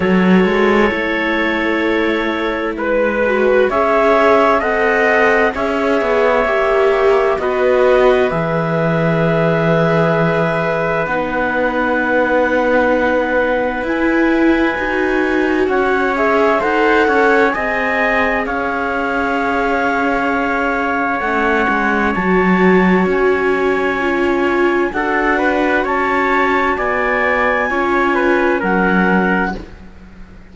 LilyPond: <<
  \new Staff \with { instrumentName = "clarinet" } { \time 4/4 \tempo 4 = 65 cis''2. b'4 | e''4 fis''4 e''2 | dis''4 e''2. | fis''2. gis''4~ |
gis''4 fis''8 e''8 fis''4 gis''4 | f''2. fis''4 | a''4 gis''2 fis''4 | a''4 gis''2 fis''4 | }
  \new Staff \with { instrumentName = "trumpet" } { \time 4/4 a'2. b'4 | cis''4 dis''4 cis''2 | b'1~ | b'1~ |
b'4 cis''4 c''8 cis''8 dis''4 | cis''1~ | cis''2. a'8 b'8 | cis''4 d''4 cis''8 b'8 ais'4 | }
  \new Staff \with { instrumentName = "viola" } { \time 4/4 fis'4 e'2~ e'8 fis'8 | gis'4 a'4 gis'4 g'4 | fis'4 gis'2. | dis'2. e'4 |
fis'4. gis'8 a'4 gis'4~ | gis'2. cis'4 | fis'2 f'4 fis'4~ | fis'2 f'4 cis'4 | }
  \new Staff \with { instrumentName = "cello" } { \time 4/4 fis8 gis8 a2 gis4 | cis'4 c'4 cis'8 b8 ais4 | b4 e2. | b2. e'4 |
dis'4 cis'4 dis'8 cis'8 c'4 | cis'2. a8 gis8 | fis4 cis'2 d'4 | cis'4 b4 cis'4 fis4 | }
>>